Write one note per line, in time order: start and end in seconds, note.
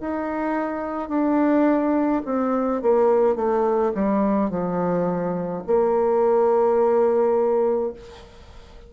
0.00 1.09 D#4
1.09 2.22 D4
2.25 2.81 C4
2.81 3.36 A#3
3.36 3.92 A3
3.94 4.50 G3
4.50 5.63 F3
5.67 7.93 A#3